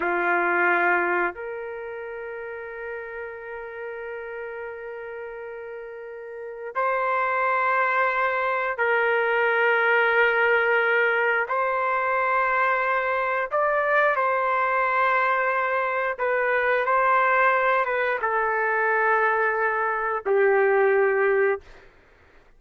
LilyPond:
\new Staff \with { instrumentName = "trumpet" } { \time 4/4 \tempo 4 = 89 f'2 ais'2~ | ais'1~ | ais'2 c''2~ | c''4 ais'2.~ |
ais'4 c''2. | d''4 c''2. | b'4 c''4. b'8 a'4~ | a'2 g'2 | }